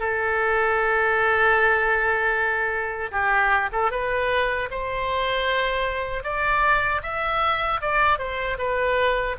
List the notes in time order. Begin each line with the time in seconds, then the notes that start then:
0.00 A4
3.12 G4
3.73 A4
3.92 B4
4.71 C5
6.24 D5
7.03 E5
7.81 D5
8.19 C5
8.59 B4